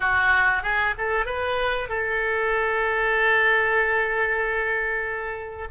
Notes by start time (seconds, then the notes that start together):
0.00 F#4
0.63 G#4
0.98 A4
1.25 B4
1.89 A4